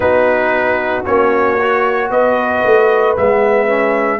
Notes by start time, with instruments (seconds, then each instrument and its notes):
0.00 tuba B3, trombone D#4, horn F#4, trumpet B4
1.05 tuba A#3, trombone C#4, trumpet C#5
1.60 trombone F#4
2.10 tuba B3, horn B4, trumpet D#5
2.64 tuba A3
3.16 tuba G#3, trombone B3, trumpet E5
3.68 trombone C#4